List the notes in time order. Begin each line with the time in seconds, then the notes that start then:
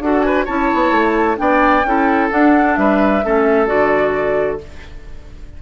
0.00 D4 F#4 A4 F#5
0.22 B4 G#5
0.45 C#4 E4 C#5 A5
0.74 B3
0.91 A3
1.37 B3 D4 D5 G5
1.84 C#4 E4 A4
2.31 D4 F#5
2.76 G3 B4 E5
3.25 A3 C#4 A4
3.67 D3 F#4 D5